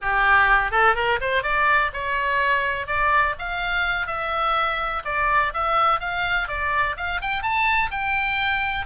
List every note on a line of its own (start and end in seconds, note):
0.01 0.71 G4
0.71 0.95 A4
0.95 1.19 A#4
1.20 1.43 C5
1.43 1.91 D5
1.93 2.87 C#5
2.87 3.35 D5
3.38 4.06 F5
4.06 5.02 E5
5.04 5.52 D5
5.53 6.00 E5
6.00 6.48 F5
6.48 6.96 D5
6.96 7.20 F5
7.21 7.42 G5
7.42 7.90 A5
7.90 8.86 G5